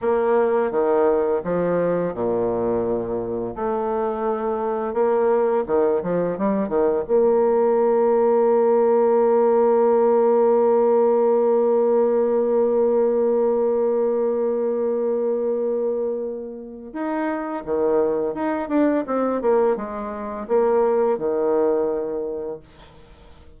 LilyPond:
\new Staff \with { instrumentName = "bassoon" } { \time 4/4 \tempo 4 = 85 ais4 dis4 f4 ais,4~ | ais,4 a2 ais4 | dis8 f8 g8 dis8 ais2~ | ais1~ |
ais1~ | ais1 | dis'4 dis4 dis'8 d'8 c'8 ais8 | gis4 ais4 dis2 | }